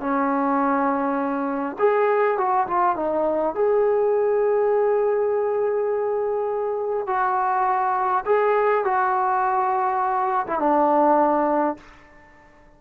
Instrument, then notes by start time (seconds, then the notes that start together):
trombone
0.00 C#4
1.79 G#4
2.37 F#4
2.67 F4
2.96 D#4
3.55 G#4
7.06 F#4
8.26 G#4
8.84 F#4
10.47 E4
10.59 D4